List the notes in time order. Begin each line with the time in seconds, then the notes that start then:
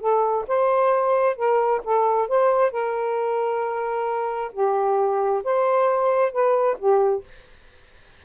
0.00 A4
0.48 C5
1.36 A#4
1.84 A4
2.28 C5
2.71 A#4
4.53 G4
5.44 C5
6.32 B4
6.79 G4